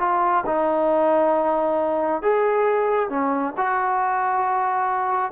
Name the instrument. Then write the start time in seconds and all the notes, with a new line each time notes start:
trombone
0.00 F4
0.47 D#4
2.22 G#4
3.10 C#4
3.58 F#4